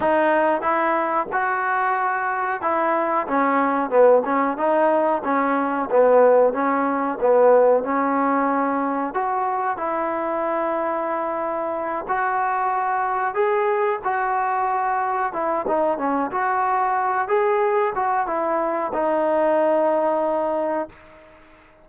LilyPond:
\new Staff \with { instrumentName = "trombone" } { \time 4/4 \tempo 4 = 92 dis'4 e'4 fis'2 | e'4 cis'4 b8 cis'8 dis'4 | cis'4 b4 cis'4 b4 | cis'2 fis'4 e'4~ |
e'2~ e'8 fis'4.~ | fis'8 gis'4 fis'2 e'8 | dis'8 cis'8 fis'4. gis'4 fis'8 | e'4 dis'2. | }